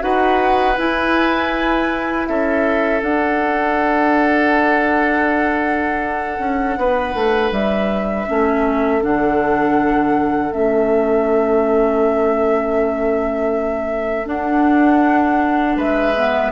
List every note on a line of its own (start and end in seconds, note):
0.00 0.78 D#4
0.00 0.75 F#4
0.00 2.28 B4
0.00 0.78 F#5
0.78 3.02 E4
0.78 2.28 E4
0.78 2.26 G#5
2.26 3.03 C#4
2.26 6.79 A4
2.26 3.01 E5
3.02 8.27 D4
3.02 6.38 D4
3.02 7.53 F#5
6.38 6.76 C#4
6.77 7.14 B3
6.77 8.28 B4
7.14 7.51 A3
7.51 8.26 G3
7.51 9.03 E5
8.27 9.03 A3
8.27 9.01 C#4
8.27 15.77 A4
9.01 10.53 D3
9.01 10.51 D4
9.01 10.53 F#5
10.51 14.26 A3
10.51 14.26 C#4
10.51 14.28 E5
14.26 16.13 D4
14.26 15.76 D4
14.26 15.78 F#5
15.76 16.51 G#3
15.76 16.52 B4
15.76 16.52 E5
16.16 16.52 B3